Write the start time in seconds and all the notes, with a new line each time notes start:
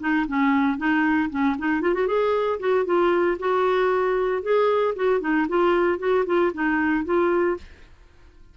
0.00 D#4
0.27 C#4
0.78 D#4
1.30 C#4
1.58 D#4
1.81 F4
1.94 F#4
2.07 G#4
2.59 F#4
2.85 F4
3.39 F#4
4.42 G#4
4.95 F#4
5.20 D#4
5.48 F4
5.99 F#4
6.26 F4
6.53 D#4
7.05 F4